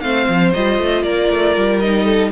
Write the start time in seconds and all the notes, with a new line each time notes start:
0.00 A3 C4 C5 F5
0.28 F3
0.53 G3 F4 D#5
0.78 A3
1.03 A#3 A#4 D5
1.30 A3
1.56 G3
1.79 D#4 D#5
2.04 A4